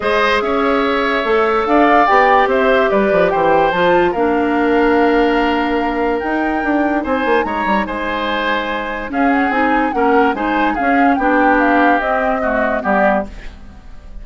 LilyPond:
<<
  \new Staff \with { instrumentName = "flute" } { \time 4/4 \tempo 4 = 145 dis''4 e''2. | f''4 g''4 e''4 d''4 | g''4 a''4 f''2~ | f''2. g''4~ |
g''4 gis''4 ais''4 gis''4~ | gis''2 f''8 fis''8 gis''4 | fis''4 gis''4 f''4 g''4 | f''4 dis''2 d''4 | }
  \new Staff \with { instrumentName = "oboe" } { \time 4/4 c''4 cis''2. | d''2 c''4 b'4 | c''2 ais'2~ | ais'1~ |
ais'4 c''4 cis''4 c''4~ | c''2 gis'2 | ais'4 c''4 gis'4 g'4~ | g'2 fis'4 g'4 | }
  \new Staff \with { instrumentName = "clarinet" } { \time 4/4 gis'2. a'4~ | a'4 g'2.~ | g'4 f'4 d'2~ | d'2. dis'4~ |
dis'1~ | dis'2 cis'4 dis'4 | cis'4 dis'4 cis'4 d'4~ | d'4 c'4 a4 b4 | }
  \new Staff \with { instrumentName = "bassoon" } { \time 4/4 gis4 cis'2 a4 | d'4 b4 c'4 g8 f8 | e4 f4 ais2~ | ais2. dis'4 |
d'4 c'8 ais8 gis8 g8 gis4~ | gis2 cis'4 c'4 | ais4 gis4 cis'4 b4~ | b4 c'2 g4 | }
>>